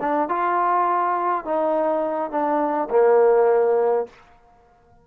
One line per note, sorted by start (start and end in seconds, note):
0.00 0.29 D4
0.29 1.44 F4
1.44 2.30 D#4
2.30 2.89 D4
2.90 4.06 A#3